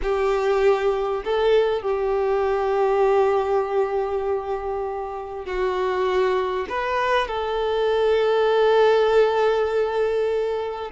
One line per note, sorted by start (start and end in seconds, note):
0.02 1.23 G4
1.24 1.82 A4
1.82 5.45 G4
5.45 6.66 F#4
6.69 7.27 B4
7.27 10.91 A4